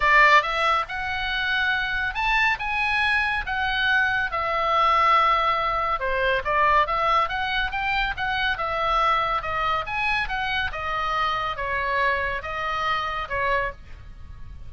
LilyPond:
\new Staff \with { instrumentName = "oboe" } { \time 4/4 \tempo 4 = 140 d''4 e''4 fis''2~ | fis''4 a''4 gis''2 | fis''2 e''2~ | e''2 c''4 d''4 |
e''4 fis''4 g''4 fis''4 | e''2 dis''4 gis''4 | fis''4 dis''2 cis''4~ | cis''4 dis''2 cis''4 | }